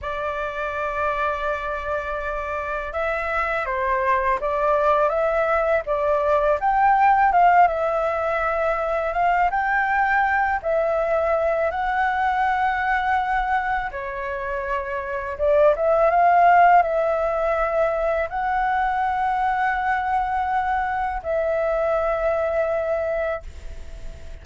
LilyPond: \new Staff \with { instrumentName = "flute" } { \time 4/4 \tempo 4 = 82 d''1 | e''4 c''4 d''4 e''4 | d''4 g''4 f''8 e''4.~ | e''8 f''8 g''4. e''4. |
fis''2. cis''4~ | cis''4 d''8 e''8 f''4 e''4~ | e''4 fis''2.~ | fis''4 e''2. | }